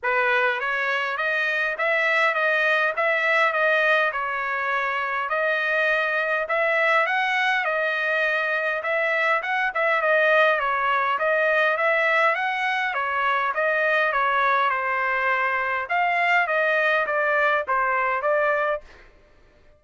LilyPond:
\new Staff \with { instrumentName = "trumpet" } { \time 4/4 \tempo 4 = 102 b'4 cis''4 dis''4 e''4 | dis''4 e''4 dis''4 cis''4~ | cis''4 dis''2 e''4 | fis''4 dis''2 e''4 |
fis''8 e''8 dis''4 cis''4 dis''4 | e''4 fis''4 cis''4 dis''4 | cis''4 c''2 f''4 | dis''4 d''4 c''4 d''4 | }